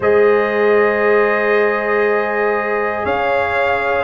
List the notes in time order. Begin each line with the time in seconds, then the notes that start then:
0.00 G#3 G#4 C5 D#5
3.04 C#4 C#5 F5